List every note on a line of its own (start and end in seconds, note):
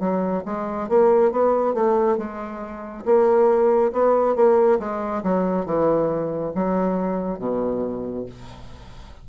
0.00 0.43 F#3
0.45 0.89 G#3
0.89 1.32 A#3
1.32 1.74 B3
1.74 2.18 A3
2.18 3.05 G#3
3.06 3.92 A#3
3.93 4.36 B3
4.36 4.79 A#3
4.79 5.23 G#3
5.24 5.66 F#3
5.66 6.53 E3
6.55 7.39 F#3
7.39 8.26 B2